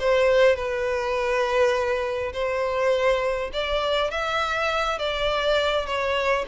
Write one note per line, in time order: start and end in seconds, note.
0.00 0.56 C5
0.56 2.32 B4
2.33 3.51 C5
3.53 4.10 D5
4.10 4.98 E5
4.98 5.86 D5
5.86 6.45 C#5